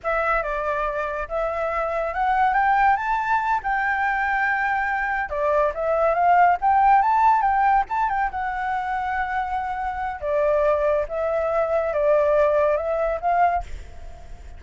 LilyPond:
\new Staff \with { instrumentName = "flute" } { \time 4/4 \tempo 4 = 141 e''4 d''2 e''4~ | e''4 fis''4 g''4 a''4~ | a''8 g''2.~ g''8~ | g''8 d''4 e''4 f''4 g''8~ |
g''8 a''4 g''4 a''8 g''8 fis''8~ | fis''1 | d''2 e''2 | d''2 e''4 f''4 | }